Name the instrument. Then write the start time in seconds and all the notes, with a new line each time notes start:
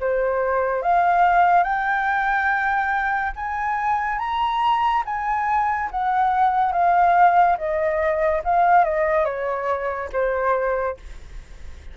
flute
0.00 C5
0.82 F5
1.63 G5
3.36 G#5
4.18 A#5
5.05 G#5
5.91 F#5
6.72 F5
7.57 D#5
8.44 F5
8.84 D#5
9.25 C#5
10.13 C5